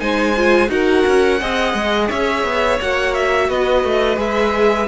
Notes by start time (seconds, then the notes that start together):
0.00 G#3 D#4 C5 G#5
0.37 F4
0.68 D#4 F#4 A#4 F#5
1.07 C#4
1.41 C4 G#4 D#5
1.75 G#3
2.09 C#4 C#5 E5
2.44 B3
2.81 A#3 F#4 F#5
3.15 E5
3.49 B3 B4 D#5
3.85 A3
4.17 G#3 G#4 E5